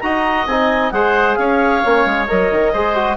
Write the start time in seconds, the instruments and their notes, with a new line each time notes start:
0.00 bassoon D#4, trombone F#4, oboe D#5, clarinet A#5
0.47 bassoon C4, trombone D#4, clarinet G#5
0.91 bassoon G#3, trombone G#4, oboe C5, clarinet F#5
1.36 bassoon C#4, oboe C#5, clarinet F5
1.84 bassoon A#3, trombone C#4
2.06 bassoon G#3
2.28 bassoon F#3, trombone A#4, clarinet D#5
2.51 bassoon D#3
2.73 bassoon G#3, trombone G#4, oboe C5
2.95 trombone F#4